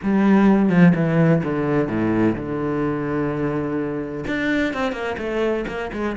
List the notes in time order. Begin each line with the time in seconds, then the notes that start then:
0.02 G3
0.69 F3
0.95 E3
1.43 D3
1.88 A2
2.35 D3
4.27 D4
4.73 C4
4.92 A#3
5.17 A3
5.67 A#3
5.92 G#3